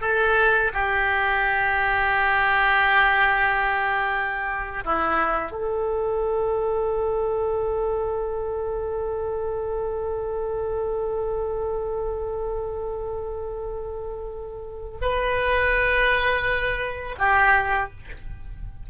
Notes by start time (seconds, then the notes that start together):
0.00 A4
0.73 G4
4.84 E4
5.51 A4
15.01 B4
17.18 G4